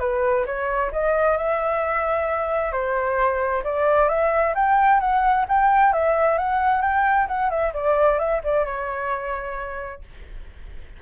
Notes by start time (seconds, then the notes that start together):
0.00 B4
0.46 C#5
0.92 D#5
1.38 E5
2.72 C5
3.64 D5
4.09 E5
4.55 G5
5.00 F#5
5.49 G5
5.93 E5
6.38 F#5
6.82 G5
7.28 F#5
7.50 E5
7.74 D5
8.19 E5
8.44 D5
8.66 C#5